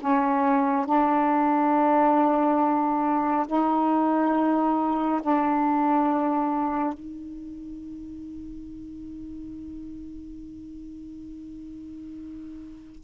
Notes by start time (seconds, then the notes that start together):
0.00 C#4
0.85 D4
3.47 D#4
5.22 D4
6.93 D#4